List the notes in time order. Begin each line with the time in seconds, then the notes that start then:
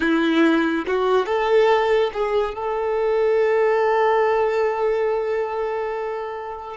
0.00 E4
0.86 F#4
1.26 A4
2.13 G#4
2.54 A4